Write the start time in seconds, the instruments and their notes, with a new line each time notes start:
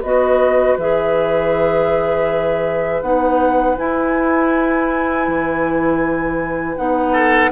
0.00 bassoon B3, clarinet F#4, oboe B4, flute D#5
0.77 bassoon E3, clarinet G#4, flute E5
3.02 bassoon B3, clarinet D#4, flute F#5
3.77 clarinet E4, bassoon E4, flute G#5
5.28 bassoon E3
6.76 bassoon B3, clarinet D#4, flute F#5
7.12 oboe A4